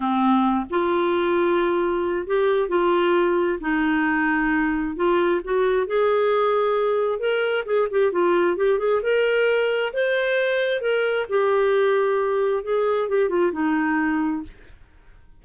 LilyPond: \new Staff \with { instrumentName = "clarinet" } { \time 4/4 \tempo 4 = 133 c'4. f'2~ f'8~ | f'4 g'4 f'2 | dis'2. f'4 | fis'4 gis'2. |
ais'4 gis'8 g'8 f'4 g'8 gis'8 | ais'2 c''2 | ais'4 g'2. | gis'4 g'8 f'8 dis'2 | }